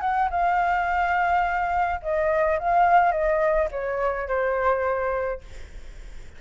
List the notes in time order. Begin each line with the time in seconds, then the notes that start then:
0.00 F#5
0.30 F5
2.02 D#5
2.59 F5
3.11 D#5
3.71 C#5
4.28 C5